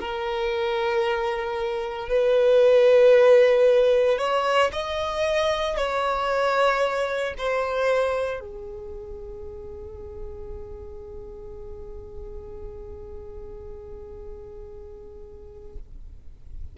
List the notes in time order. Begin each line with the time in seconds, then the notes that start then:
0.00 A#4
2.09 B4
4.19 C#5
4.73 D#5
5.77 C#5
7.38 C5
8.41 G#4